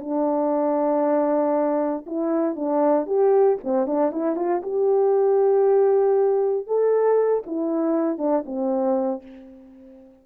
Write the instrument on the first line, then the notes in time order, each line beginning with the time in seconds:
horn
0.00 D4
2.06 E4
2.55 D4
3.06 G4
3.63 C4
3.86 D4
4.11 E4
4.35 F4
4.62 G4
6.66 A4
7.46 E4
8.18 D4
8.45 C4